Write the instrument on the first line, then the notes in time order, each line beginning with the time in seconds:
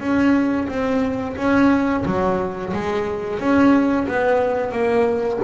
double bass
0.00 C#4
0.68 C4
1.37 C#4
2.06 F#3
2.73 G#3
3.40 C#4
4.08 B3
4.72 A#3